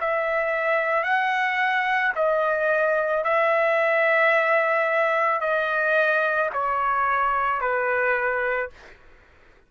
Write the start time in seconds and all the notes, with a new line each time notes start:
0.00 E5
1.04 F#5
2.15 D#5
3.24 E5
5.41 D#5
6.53 C#5
7.61 B4